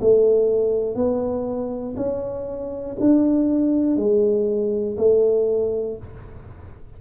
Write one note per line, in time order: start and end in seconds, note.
0.00 0.95 A3
0.95 1.95 B3
1.96 2.96 C#4
3.00 3.96 D4
3.96 4.96 G#3
4.97 5.97 A3